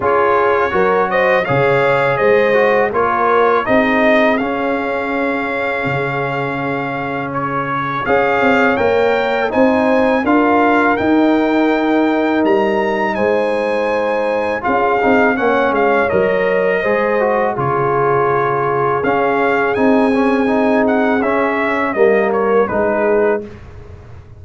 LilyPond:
<<
  \new Staff \with { instrumentName = "trumpet" } { \time 4/4 \tempo 4 = 82 cis''4. dis''8 f''4 dis''4 | cis''4 dis''4 f''2~ | f''2 cis''4 f''4 | g''4 gis''4 f''4 g''4~ |
g''4 ais''4 gis''2 | f''4 fis''8 f''8 dis''2 | cis''2 f''4 gis''4~ | gis''8 fis''8 e''4 dis''8 cis''8 b'4 | }
  \new Staff \with { instrumentName = "horn" } { \time 4/4 gis'4 ais'8 c''8 cis''4 c''4 | ais'4 gis'2.~ | gis'2. cis''4~ | cis''4 c''4 ais'2~ |
ais'2 c''2 | gis'4 cis''2 c''4 | gis'1~ | gis'2 ais'4 gis'4 | }
  \new Staff \with { instrumentName = "trombone" } { \time 4/4 f'4 fis'4 gis'4. fis'8 | f'4 dis'4 cis'2~ | cis'2. gis'4 | ais'4 dis'4 f'4 dis'4~ |
dis'1 | f'8 dis'8 cis'4 ais'4 gis'8 fis'8 | f'2 cis'4 dis'8 cis'8 | dis'4 cis'4 ais4 dis'4 | }
  \new Staff \with { instrumentName = "tuba" } { \time 4/4 cis'4 fis4 cis4 gis4 | ais4 c'4 cis'2 | cis2. cis'8 c'8 | ais4 c'4 d'4 dis'4~ |
dis'4 g4 gis2 | cis'8 c'8 ais8 gis8 fis4 gis4 | cis2 cis'4 c'4~ | c'4 cis'4 g4 gis4 | }
>>